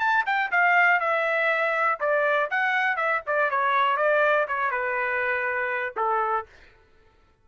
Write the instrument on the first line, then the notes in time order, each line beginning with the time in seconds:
trumpet
0.00 A5
0.26 G5
0.51 F5
1.00 E5
2.01 D5
2.51 F#5
2.97 E5
3.27 D5
3.51 C#5
3.97 D5
4.49 C#5
4.71 B4
5.97 A4